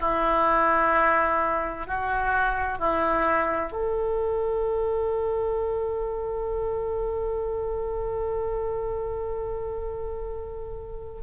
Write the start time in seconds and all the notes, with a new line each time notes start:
0.00 E4
1.87 F#4
2.79 E4
3.72 A4